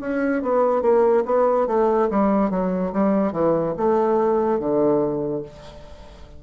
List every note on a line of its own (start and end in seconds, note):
0.00 0.42 C#4
0.42 0.81 B3
0.81 1.23 A#3
1.25 1.67 B3
1.67 2.08 A3
2.10 2.50 G3
2.50 2.92 F#3
2.92 3.32 G3
3.32 3.73 E3
3.77 4.59 A3
4.59 5.42 D3